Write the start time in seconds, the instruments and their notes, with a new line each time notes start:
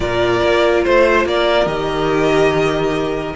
0.00 cello A#2, viola F4, violin A#4 D5
0.43 cello A#3
0.84 cello A3, violin C5
1.25 cello A#3, violin A#4 D5
1.66 cello D#3, viola G4, violin D#5